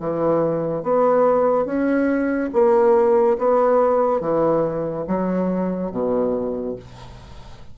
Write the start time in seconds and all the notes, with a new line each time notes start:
0.00 E3
0.83 B3
1.66 C#4
2.54 A#3
3.38 B3
4.21 E3
5.08 F#3
5.92 B2